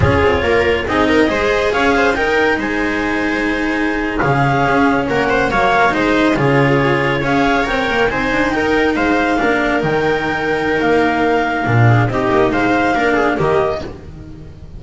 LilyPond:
<<
  \new Staff \with { instrumentName = "clarinet" } { \time 4/4 \tempo 4 = 139 cis''2 dis''2 | f''4 g''4 gis''2~ | gis''4.~ gis''16 f''2 fis''16~ | fis''8. f''4 dis''4 cis''4~ cis''16~ |
cis''8. f''4 g''4 gis''4 g''16~ | g''8. f''2 g''4~ g''16~ | g''4 f''2. | dis''4 f''2 dis''4 | }
  \new Staff \with { instrumentName = "viola" } { \time 4/4 gis'4 ais'4 gis'8 ais'8 c''4 | cis''8 c''8 ais'4 c''2~ | c''4.~ c''16 gis'2 ais'16~ | ais'16 c''8 cis''4 c''4 gis'4~ gis'16~ |
gis'8. cis''2 c''4 ais'16~ | ais'8. c''4 ais'2~ ais'16~ | ais'2.~ ais'8 gis'8 | g'4 c''4 ais'8 gis'8 g'4 | }
  \new Staff \with { instrumentName = "cello" } { \time 4/4 f'2 dis'4 gis'4~ | gis'4 dis'2.~ | dis'4.~ dis'16 cis'2~ cis'16~ | cis'8. ais4 dis'4 f'4~ f'16~ |
f'8. gis'4 ais'4 dis'4~ dis'16~ | dis'4.~ dis'16 d'4 dis'4~ dis'16~ | dis'2. d'4 | dis'2 d'4 ais4 | }
  \new Staff \with { instrumentName = "double bass" } { \time 4/4 cis'8 c'8 ais4 c'4 gis4 | cis'4 dis'4 gis2~ | gis4.~ gis16 cis4 cis'4 ais16~ | ais8. fis4 gis4 cis4~ cis16~ |
cis8. cis'4 c'8 ais8 c'8 d'8 dis'16~ | dis'8. gis4 ais4 dis4~ dis16~ | dis4 ais2 ais,4 | c'8 ais8 gis4 ais4 dis4 | }
>>